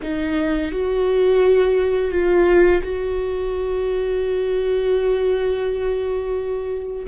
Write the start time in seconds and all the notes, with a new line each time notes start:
0.02 D#4
0.71 F#4
2.11 F4
2.82 F#4